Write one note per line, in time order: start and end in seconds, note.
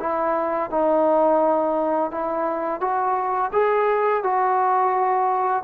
0.00 0.70 E4
0.70 2.11 D#4
2.11 2.80 E4
2.80 3.51 F#4
3.53 4.23 G#4
4.24 5.63 F#4